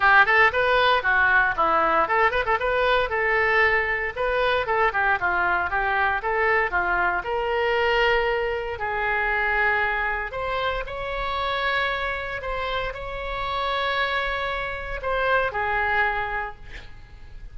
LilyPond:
\new Staff \with { instrumentName = "oboe" } { \time 4/4 \tempo 4 = 116 g'8 a'8 b'4 fis'4 e'4 | a'8 b'16 a'16 b'4 a'2 | b'4 a'8 g'8 f'4 g'4 | a'4 f'4 ais'2~ |
ais'4 gis'2. | c''4 cis''2. | c''4 cis''2.~ | cis''4 c''4 gis'2 | }